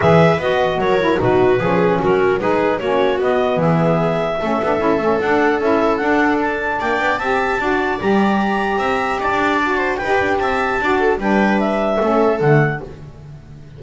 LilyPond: <<
  \new Staff \with { instrumentName = "clarinet" } { \time 4/4 \tempo 4 = 150 e''4 dis''4 cis''4 b'4~ | b'4 ais'4 b'4 cis''4 | dis''4 e''2.~ | e''4 fis''4 e''4 fis''4 |
a''4 g''4 a''2 | ais''2. a''4~ | a''4 g''4 a''2 | g''4 e''2 fis''4 | }
  \new Staff \with { instrumentName = "viola" } { \time 4/4 b'2 ais'4 fis'4 | gis'4 fis'4 gis'4 fis'4~ | fis'4 gis'2 a'4~ | a'1~ |
a'4 d''4 e''4 d''4~ | d''2 e''4 d''4~ | d''8 c''8 b'4 e''4 d''8 a'8 | b'2 a'2 | }
  \new Staff \with { instrumentName = "saxophone" } { \time 4/4 gis'4 fis'4. e'8 dis'4 | cis'2 dis'4 cis'4 | b2. cis'8 d'8 | e'8 cis'8 d'4 e'4 d'4~ |
d'2 g'4 fis'4 | g'1 | fis'4 g'2 fis'4 | d'2 cis'4 a4 | }
  \new Staff \with { instrumentName = "double bass" } { \time 4/4 e4 b4 fis4 b,4 | f4 fis4 gis4 ais4 | b4 e2 a8 b8 | cis'8 a8 d'4 cis'4 d'4~ |
d'4 ais8 b8 c'4 d'4 | g2 c'4 dis'16 d'8.~ | d'4 dis'8 d'8 c'4 d'4 | g2 a4 d4 | }
>>